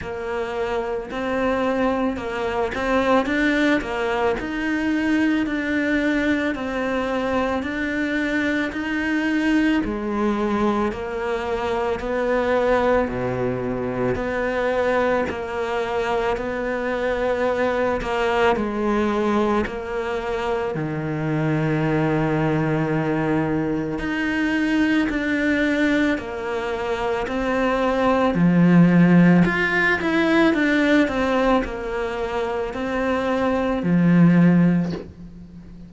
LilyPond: \new Staff \with { instrumentName = "cello" } { \time 4/4 \tempo 4 = 55 ais4 c'4 ais8 c'8 d'8 ais8 | dis'4 d'4 c'4 d'4 | dis'4 gis4 ais4 b4 | b,4 b4 ais4 b4~ |
b8 ais8 gis4 ais4 dis4~ | dis2 dis'4 d'4 | ais4 c'4 f4 f'8 e'8 | d'8 c'8 ais4 c'4 f4 | }